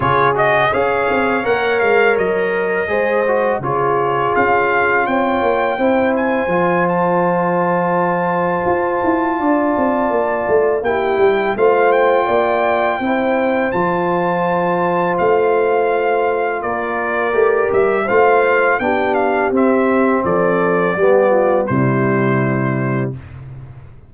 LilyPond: <<
  \new Staff \with { instrumentName = "trumpet" } { \time 4/4 \tempo 4 = 83 cis''8 dis''8 f''4 fis''8 f''8 dis''4~ | dis''4 cis''4 f''4 g''4~ | g''8 gis''4 a''2~ a''8~ | a''2. g''4 |
f''8 g''2~ g''8 a''4~ | a''4 f''2 d''4~ | d''8 e''8 f''4 g''8 f''8 e''4 | d''2 c''2 | }
  \new Staff \with { instrumentName = "horn" } { \time 4/4 gis'4 cis''2. | c''4 gis'2 cis''4 | c''1~ | c''4 d''2 g'4 |
c''4 d''4 c''2~ | c''2. ais'4~ | ais'4 c''4 g'2 | a'4 g'8 f'8 e'2 | }
  \new Staff \with { instrumentName = "trombone" } { \time 4/4 f'8 fis'8 gis'4 ais'2 | gis'8 fis'8 f'2. | e'4 f'2.~ | f'2. e'4 |
f'2 e'4 f'4~ | f'1 | g'4 f'4 d'4 c'4~ | c'4 b4 g2 | }
  \new Staff \with { instrumentName = "tuba" } { \time 4/4 cis4 cis'8 c'8 ais8 gis8 fis4 | gis4 cis4 cis'4 c'8 ais8 | c'4 f2. | f'8 e'8 d'8 c'8 ais8 a8 ais8 g8 |
a4 ais4 c'4 f4~ | f4 a2 ais4 | a8 g8 a4 b4 c'4 | f4 g4 c2 | }
>>